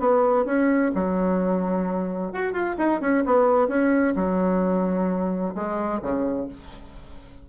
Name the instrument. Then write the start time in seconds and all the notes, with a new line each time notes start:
bassoon
0.00 B3
0.46 C#4
0.95 F#3
2.33 F#4
2.53 F4
2.79 D#4
3.01 C#4
3.26 B3
3.69 C#4
4.16 F#3
5.55 G#3
6.02 C#3